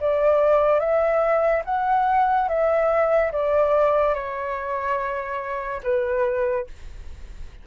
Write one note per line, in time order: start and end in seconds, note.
0.00 0.79 D5
0.79 1.62 E5
1.65 2.48 F#5
2.48 3.31 E5
3.32 4.14 D5
4.14 5.81 C#5
5.83 6.66 B4